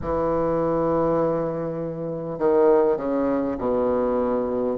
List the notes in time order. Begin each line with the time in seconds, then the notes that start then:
0.01 E3
2.38 D#3
2.96 C#3
3.58 B2